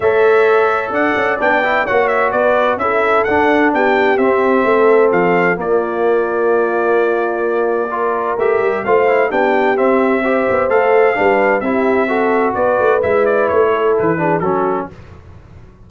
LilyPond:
<<
  \new Staff \with { instrumentName = "trumpet" } { \time 4/4 \tempo 4 = 129 e''2 fis''4 g''4 | fis''8 e''8 d''4 e''4 fis''4 | g''4 e''2 f''4 | d''1~ |
d''2 e''4 f''4 | g''4 e''2 f''4~ | f''4 e''2 d''4 | e''8 d''8 cis''4 b'4 a'4 | }
  \new Staff \with { instrumentName = "horn" } { \time 4/4 cis''2 d''2 | cis''4 b'4 a'2 | g'2 a'2 | f'1~ |
f'4 ais'2 c''4 | g'2 c''2 | b'4 g'4 a'4 b'4~ | b'4. a'4 gis'8 fis'4 | }
  \new Staff \with { instrumentName = "trombone" } { \time 4/4 a'2. d'8 e'8 | fis'2 e'4 d'4~ | d'4 c'2. | ais1~ |
ais4 f'4 g'4 f'8 e'8 | d'4 c'4 g'4 a'4 | d'4 e'4 fis'2 | e'2~ e'8 d'8 cis'4 | }
  \new Staff \with { instrumentName = "tuba" } { \time 4/4 a2 d'8 cis'8 b4 | ais4 b4 cis'4 d'4 | b4 c'4 a4 f4 | ais1~ |
ais2 a8 g8 a4 | b4 c'4. b8 a4 | g4 c'2 b8 a8 | gis4 a4 e4 fis4 | }
>>